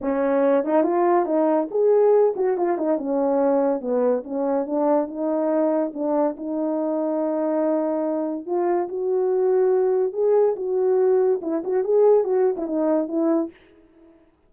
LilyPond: \new Staff \with { instrumentName = "horn" } { \time 4/4 \tempo 4 = 142 cis'4. dis'8 f'4 dis'4 | gis'4. fis'8 f'8 dis'8 cis'4~ | cis'4 b4 cis'4 d'4 | dis'2 d'4 dis'4~ |
dis'1 | f'4 fis'2. | gis'4 fis'2 e'8 fis'8 | gis'4 fis'8. e'16 dis'4 e'4 | }